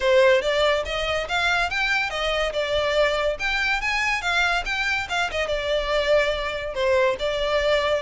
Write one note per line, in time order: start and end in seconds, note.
0.00 0.41 C5
0.41 0.83 D5
0.85 1.27 D#5
1.28 1.70 F5
1.70 2.10 G5
2.10 2.52 D#5
2.52 3.37 D5
3.39 3.81 G5
3.81 4.21 G#5
4.21 4.63 F5
4.65 5.07 G5
5.09 5.30 F5
5.31 5.47 D#5
5.47 6.74 D5
6.74 7.16 C5
7.19 8.02 D5